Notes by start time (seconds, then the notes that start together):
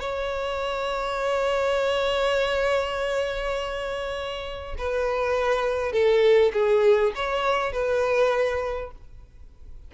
0.00 C#5
4.78 B4
5.92 A4
6.53 G#4
7.15 C#5
7.72 B4